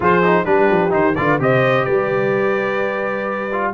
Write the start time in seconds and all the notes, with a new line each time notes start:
0.00 F3 F4 G#4 C5
0.23 D#4
0.45 G3 D4 G4 B4
0.70 F3
0.89 D#3 D#4 C5
1.15 D3 F4 B4 D5
1.39 C3 G4 C5 D#5
1.84 G3 B4 D5
3.52 F4